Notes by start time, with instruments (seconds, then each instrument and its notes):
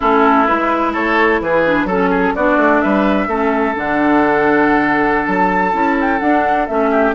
0.00 bassoon A3, clarinet C#4, oboe E4, flute A4
0.46 bassoon G#3, clarinet E4, flute B4
0.92 bassoon A3, oboe A4, flute C#5
1.40 bassoon E3, oboe G#4, flute B4
1.65 clarinet D4
1.84 bassoon F#3, clarinet C#4, oboe A4, flute A4
2.09 oboe G#4
2.35 bassoon B3, clarinet D4, oboe F#4, flute D5
2.57 bassoon A3
2.81 bassoon G3, oboe B4, flute E5
3.27 bassoon A3, clarinet C#4, oboe A4
3.74 bassoon D3, clarinet D4, flute F#5
5.26 bassoon F#3, flute A5
5.72 bassoon C#4, clarinet E4
6.00 flute G5
6.19 clarinet D4, bassoon D4, flute F#5
6.66 bassoon A3, clarinet C#4, flute E5
6.90 oboe G4